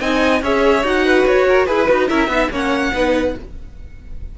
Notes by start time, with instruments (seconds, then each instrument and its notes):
0.00 cello C4, viola D#4, violin D#5 G#5
0.41 cello C#4, viola G#4, violin C#5 E5
0.83 cello D#4, viola F#4, violin F#5
1.05 violin B4
1.27 cello F#4, violin C#5
1.48 violin A#4
1.66 cello E4, viola G#4, violin B4
1.88 cello D#4, viola F#4
2.08 cello C#4, viola E4, violin A#4 E5
2.28 cello B3, viola D#4, violin E5
2.51 cello A#3, viola C#4, violin C#5 F#5
2.93 cello B3, viola D#4, violin B4